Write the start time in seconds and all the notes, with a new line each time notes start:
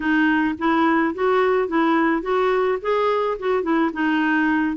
0.00 D#4
0.58 E4
1.14 F#4
1.68 E4
2.22 F#4
2.81 G#4
3.39 F#4
3.62 E4
3.93 D#4